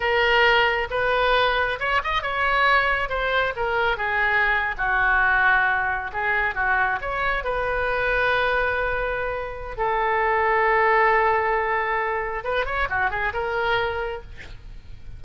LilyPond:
\new Staff \with { instrumentName = "oboe" } { \time 4/4 \tempo 4 = 135 ais'2 b'2 | cis''8 dis''8 cis''2 c''4 | ais'4 gis'4.~ gis'16 fis'4~ fis'16~ | fis'4.~ fis'16 gis'4 fis'4 cis''16~ |
cis''8. b'2.~ b'16~ | b'2 a'2~ | a'1 | b'8 cis''8 fis'8 gis'8 ais'2 | }